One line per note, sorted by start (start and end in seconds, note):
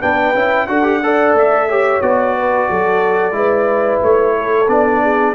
0.00 0.34 B3
0.00 0.34 D4
0.00 0.67 B4
0.00 0.67 G5
0.34 0.68 C#4
0.34 0.68 E4
0.67 1.33 D4
0.67 0.83 F#4
0.67 1.02 A4
0.67 1.34 F#5
0.83 1.00 G4
1.03 1.69 A4
1.03 1.69 D5
1.33 2.00 A3
1.33 2.02 E5
1.69 2.02 G4
1.69 2.35 C#5
2.02 2.69 B3
2.02 3.32 F#4
2.02 4.02 D5
2.36 2.69 B4
2.69 3.32 F#3
2.69 3.36 A4
3.32 3.98 G#3
3.32 4.66 E4
3.32 4.36 B4
4.02 4.68 A3
4.02 4.69 C#5
4.37 5.02 A4
4.68 5.34 B3
4.68 5.35 D4
4.68 5.35 D5
5.02 5.35 G#4